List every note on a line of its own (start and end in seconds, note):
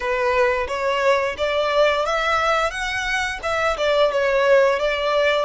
0.00 0.67 B4
0.67 1.35 C#5
1.37 2.05 D5
2.05 2.71 E5
2.71 3.39 F#5
3.42 3.77 E5
3.77 4.11 D5
4.11 4.79 C#5
4.79 5.45 D5